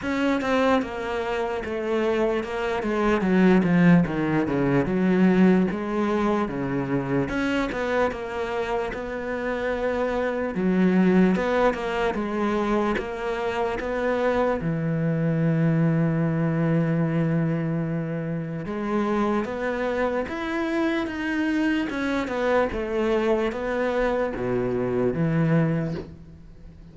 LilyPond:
\new Staff \with { instrumentName = "cello" } { \time 4/4 \tempo 4 = 74 cis'8 c'8 ais4 a4 ais8 gis8 | fis8 f8 dis8 cis8 fis4 gis4 | cis4 cis'8 b8 ais4 b4~ | b4 fis4 b8 ais8 gis4 |
ais4 b4 e2~ | e2. gis4 | b4 e'4 dis'4 cis'8 b8 | a4 b4 b,4 e4 | }